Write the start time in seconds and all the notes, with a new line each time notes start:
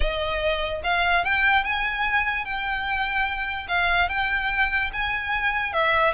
0.00 D#5
0.83 F5
1.24 G5
1.63 G#5
2.45 G5
3.68 F5
4.09 G5
4.92 G#5
5.72 E5